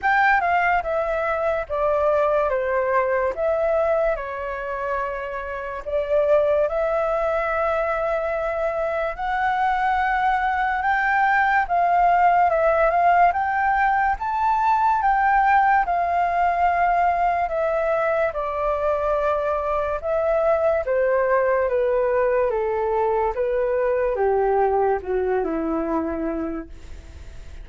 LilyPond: \new Staff \with { instrumentName = "flute" } { \time 4/4 \tempo 4 = 72 g''8 f''8 e''4 d''4 c''4 | e''4 cis''2 d''4 | e''2. fis''4~ | fis''4 g''4 f''4 e''8 f''8 |
g''4 a''4 g''4 f''4~ | f''4 e''4 d''2 | e''4 c''4 b'4 a'4 | b'4 g'4 fis'8 e'4. | }